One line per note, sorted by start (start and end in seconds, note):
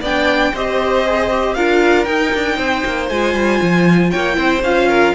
0.00 0.52 B3
0.00 0.55 D4
0.00 0.51 D5
0.00 0.55 G5
0.52 1.56 C4
0.52 1.05 G4
0.52 1.55 C5
0.52 1.54 D#5
1.05 1.30 G#4
1.30 1.56 G4
1.54 2.07 D4
1.54 2.05 F4
1.54 2.56 A#4
1.54 2.04 F5
2.04 3.08 D#4
2.04 2.33 D#4
2.04 3.07 G5
2.34 2.57 D4
2.56 2.83 C4
2.56 4.09 C5
2.85 3.10 A#3
3.09 3.34 G#3
3.09 4.33 F4
3.09 4.10 G#5
3.34 3.59 G3
3.61 4.13 F3
4.10 4.37 A#3
4.10 4.36 C#5
4.10 4.61 G5
4.33 4.62 C4
4.33 4.58 E4
4.33 4.88 C5
4.62 5.13 C#4
4.62 5.15 F4
4.62 5.15 F5
4.88 5.14 A#4